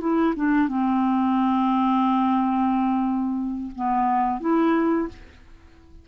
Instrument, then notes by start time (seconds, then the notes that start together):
clarinet
0.00 E4
0.36 D4
0.68 C4
3.75 B3
4.40 E4